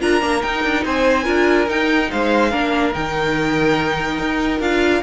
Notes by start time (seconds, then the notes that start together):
0.00 D4 F4 A#4 A#5
0.20 A#3 D4
0.42 D#4 G5
0.64 D4
0.85 C4 C5 G#5
1.24 D4 F4 A#4
1.68 D#4 G5
2.11 G#3 C5 F5
2.50 A#3 D4 A#4
2.92 D#3 D#4 G5
4.18 D#4
4.60 D4 F4 F5